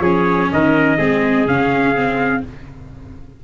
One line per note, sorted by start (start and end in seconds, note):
0.00 0.48 F3
0.00 0.98 C#4
0.00 0.51 G#4
0.00 0.50 C#5
0.52 0.98 D#3
0.52 0.98 A#4
0.52 1.47 D#5
0.98 1.47 G#3
0.98 1.46 C4
0.98 2.43 G#4
1.47 2.44 C#3
1.47 1.95 C#4
1.47 2.44 F5
1.95 2.44 C4